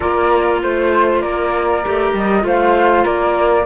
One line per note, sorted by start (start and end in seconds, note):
0.00 0.63 A#3
0.00 1.83 F4
0.00 0.61 A#4
0.00 0.61 D5
0.62 1.23 A3
0.62 1.20 C5
0.62 1.22 C5
1.20 1.84 A#3
1.20 2.44 A#4
1.20 2.12 D5
1.84 2.13 A3
1.84 2.40 G4
2.13 2.43 G3
2.13 2.46 D#5
2.40 3.04 A3
2.40 3.63 F4
2.40 3.03 C5
2.47 3.05 F5
3.03 3.65 A#3
3.03 3.65 A#4
3.03 3.65 D5